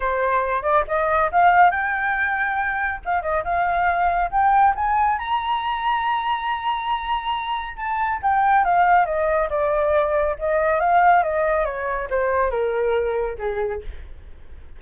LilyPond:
\new Staff \with { instrumentName = "flute" } { \time 4/4 \tempo 4 = 139 c''4. d''8 dis''4 f''4 | g''2. f''8 dis''8 | f''2 g''4 gis''4 | ais''1~ |
ais''2 a''4 g''4 | f''4 dis''4 d''2 | dis''4 f''4 dis''4 cis''4 | c''4 ais'2 gis'4 | }